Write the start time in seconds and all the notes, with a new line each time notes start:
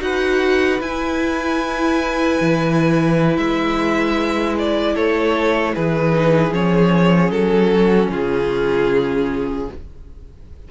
0.00 D#4 F#4 B4 F#5
0.80 E4 G#5
2.41 E3
3.37 G#3 E5
4.59 D5
4.93 A3 A4 C#5
5.75 E3 G#4 B4
6.12 D#4
6.52 F3 C#4 C#5
7.31 F#3 A4
7.72 F#4
8.11 C#3 F4 G#4